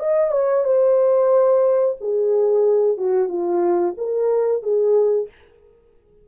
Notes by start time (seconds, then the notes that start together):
0.00 D#5
0.32 C#5
0.65 C5
2.01 G#4
2.98 F#4
3.29 F4
3.98 A#4
4.63 G#4